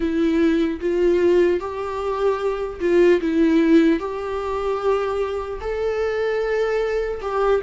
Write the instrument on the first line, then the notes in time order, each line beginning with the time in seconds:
viola
0.00 E4
0.80 F4
1.60 G4
2.80 F4
3.20 E4
3.99 G4
5.60 A4
7.21 G4